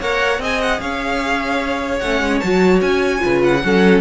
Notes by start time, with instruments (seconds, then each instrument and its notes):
0.00 cello A#3, viola A#4, violin C#5 F#5
0.39 cello C4, viola G#4, violin D#5 G#5
0.61 violin F#5
0.80 cello C#4, violin C#5 F5
1.99 cello A3, viola C#4, violin F#5
2.21 cello G#3
2.39 cello F#3, viola F#4, violin A5
2.81 cello C#4, violin G#5
3.19 cello C#3, viola F4, violin B4
3.44 violin F#5
3.63 cello F#3, viola C#4, violin A4